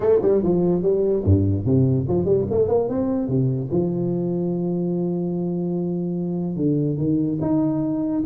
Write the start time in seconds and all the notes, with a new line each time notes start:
0.00 A3
0.22 G3
0.42 F3
0.82 G3
1.24 G2
1.65 C3
2.08 F3
2.25 G3
2.50 A3
2.68 A#3
2.88 C4
3.28 C3
3.71 F3
6.56 D3
6.97 D#3
7.41 D#4